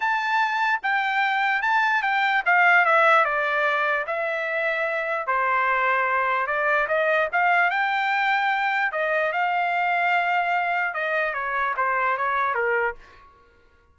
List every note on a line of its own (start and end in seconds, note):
0.00 0.80 A5
0.82 1.61 G5
1.61 2.02 A5
2.02 2.42 G5
2.45 2.85 F5
2.85 3.24 E5
3.24 4.05 D5
4.06 5.26 E5
5.26 6.46 C5
6.46 6.87 D5
6.87 7.28 D#5
7.32 7.70 F5
7.70 8.92 G5
8.92 9.32 D#5
9.32 10.94 F5
10.94 11.33 D#5
11.33 11.74 C#5
11.76 12.17 C5
12.17 12.54 C#5
12.54 12.94 A#4